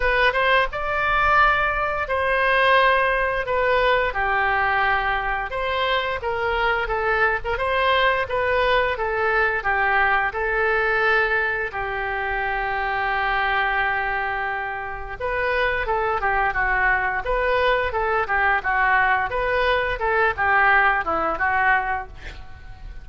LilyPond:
\new Staff \with { instrumentName = "oboe" } { \time 4/4 \tempo 4 = 87 b'8 c''8 d''2 c''4~ | c''4 b'4 g'2 | c''4 ais'4 a'8. ais'16 c''4 | b'4 a'4 g'4 a'4~ |
a'4 g'2.~ | g'2 b'4 a'8 g'8 | fis'4 b'4 a'8 g'8 fis'4 | b'4 a'8 g'4 e'8 fis'4 | }